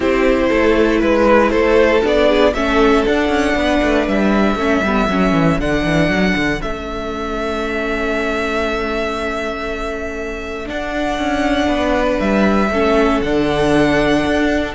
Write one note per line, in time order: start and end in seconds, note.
0.00 0.49 C4
0.00 2.03 E4
0.00 0.47 G4
0.00 1.01 C5
0.48 1.02 A3
0.48 0.98 A4
0.98 1.51 G#3
0.98 1.49 B4
0.98 1.50 B4
1.50 2.02 A3
1.50 2.28 A4
1.50 2.01 C5
2.03 2.54 B3
2.03 2.54 D4
2.03 2.53 D5
2.28 2.53 G#4
2.53 3.05 A3
2.53 3.06 C#4
2.53 3.55 A4
2.53 3.04 E5
3.06 4.58 D4
3.06 3.28 D4
3.06 4.08 F#5
3.28 3.54 C#4
3.55 3.80 B3
3.55 4.56 B4
3.82 4.07 A3
4.07 4.55 G3
4.07 5.60 E5
4.55 4.81 A3
4.55 4.83 C#4
4.55 11.68 A4
4.82 5.07 G3
4.82 5.09 B3
5.08 5.32 F#3
5.08 5.60 C#4
5.32 5.57 E3
5.58 5.83 D3
5.58 6.60 D4
5.58 6.61 F#5
5.84 6.08 E3
6.08 6.34 F#3
6.35 6.61 D3
6.60 10.69 A3
6.60 10.65 C#4
6.60 10.68 E5
10.65 12.69 D4
10.65 11.18 D4
10.65 12.19 F#5
11.18 11.67 C#4
11.67 12.18 B3
11.67 12.69 B4
12.19 12.69 G3
12.19 13.21 E5
12.69 13.20 A3
12.69 13.24 C#4
12.69 14.74 A4
13.21 14.25 D3
13.21 14.74 D4
13.21 14.74 F#5
14.26 14.74 D4